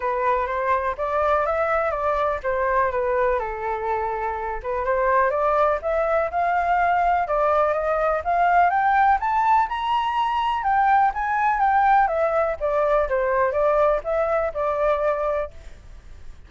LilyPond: \new Staff \with { instrumentName = "flute" } { \time 4/4 \tempo 4 = 124 b'4 c''4 d''4 e''4 | d''4 c''4 b'4 a'4~ | a'4. b'8 c''4 d''4 | e''4 f''2 d''4 |
dis''4 f''4 g''4 a''4 | ais''2 g''4 gis''4 | g''4 e''4 d''4 c''4 | d''4 e''4 d''2 | }